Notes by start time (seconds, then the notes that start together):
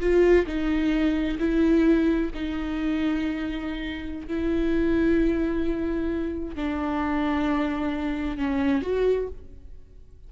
0.00 F4
0.46 D#4
1.39 E4
2.34 D#4
4.27 E4
6.55 D4
8.37 C#4
8.82 F#4